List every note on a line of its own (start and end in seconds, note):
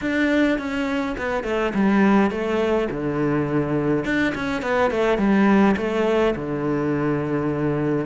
0.01 0.58 D4
0.58 1.16 C#4
1.17 1.43 B3
1.43 1.72 A3
1.74 2.31 G3
2.31 2.88 A3
2.90 4.04 D3
4.04 4.33 D4
4.34 4.62 C#4
4.62 4.90 B3
4.90 5.18 A3
5.18 5.75 G3
5.76 6.34 A3
6.35 8.06 D3